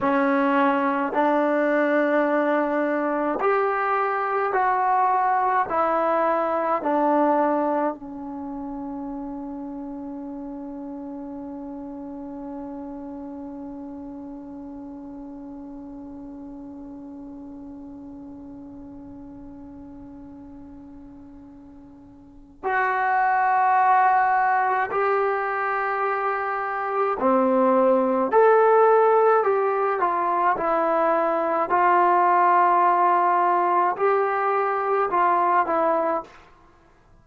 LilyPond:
\new Staff \with { instrumentName = "trombone" } { \time 4/4 \tempo 4 = 53 cis'4 d'2 g'4 | fis'4 e'4 d'4 cis'4~ | cis'1~ | cis'1~ |
cis'1 | fis'2 g'2 | c'4 a'4 g'8 f'8 e'4 | f'2 g'4 f'8 e'8 | }